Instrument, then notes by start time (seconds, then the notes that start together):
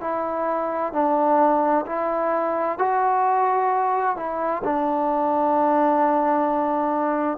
trombone
0.00 E4
0.92 D4
1.86 E4
2.78 F#4
4.16 E4
4.64 D4